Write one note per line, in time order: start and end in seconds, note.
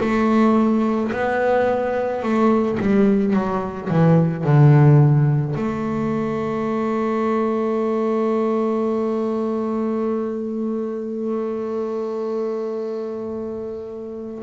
0.00 1.11 A3
1.12 2.22 B3
2.22 2.78 A3
2.80 3.33 G3
3.33 3.89 F#3
3.89 4.44 E3
4.44 5.56 D3
5.56 14.43 A3